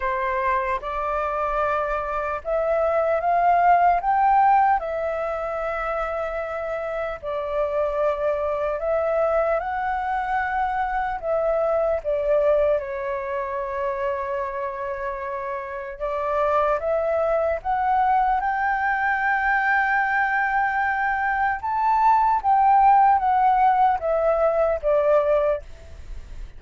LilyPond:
\new Staff \with { instrumentName = "flute" } { \time 4/4 \tempo 4 = 75 c''4 d''2 e''4 | f''4 g''4 e''2~ | e''4 d''2 e''4 | fis''2 e''4 d''4 |
cis''1 | d''4 e''4 fis''4 g''4~ | g''2. a''4 | g''4 fis''4 e''4 d''4 | }